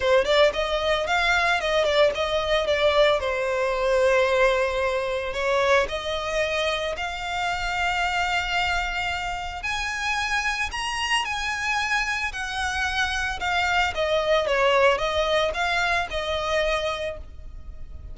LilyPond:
\new Staff \with { instrumentName = "violin" } { \time 4/4 \tempo 4 = 112 c''8 d''8 dis''4 f''4 dis''8 d''8 | dis''4 d''4 c''2~ | c''2 cis''4 dis''4~ | dis''4 f''2.~ |
f''2 gis''2 | ais''4 gis''2 fis''4~ | fis''4 f''4 dis''4 cis''4 | dis''4 f''4 dis''2 | }